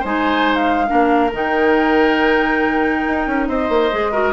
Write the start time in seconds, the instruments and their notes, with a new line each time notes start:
0.00 bassoon G#3, clarinet D#4, oboe C5, flute G#5
0.55 flute F5
0.87 bassoon A#3, clarinet D4, oboe A#4
1.33 bassoon D#3, clarinet D#4, flute G5
3.07 bassoon D#4
3.27 bassoon C#4
3.48 bassoon C4, oboe C5, flute D#5
3.69 bassoon A#3
3.91 bassoon G#3, clarinet G#4
4.11 clarinet F#4, oboe A#4